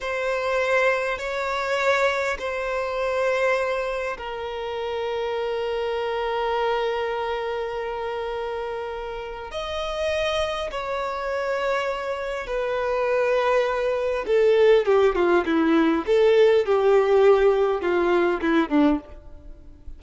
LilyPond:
\new Staff \with { instrumentName = "violin" } { \time 4/4 \tempo 4 = 101 c''2 cis''2 | c''2. ais'4~ | ais'1~ | ais'1 |
dis''2 cis''2~ | cis''4 b'2. | a'4 g'8 f'8 e'4 a'4 | g'2 f'4 e'8 d'8 | }